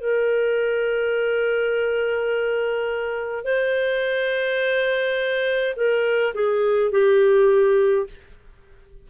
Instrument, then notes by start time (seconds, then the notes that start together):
clarinet
0.00 A#4
3.44 C5
5.76 A#4
6.34 G#4
6.91 G4